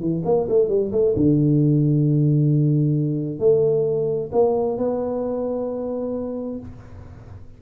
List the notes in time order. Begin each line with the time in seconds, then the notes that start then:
0.00 E3
0.25 A#3
0.49 A3
0.69 G3
0.92 A3
1.16 D3
3.39 A3
4.32 A#3
4.78 B3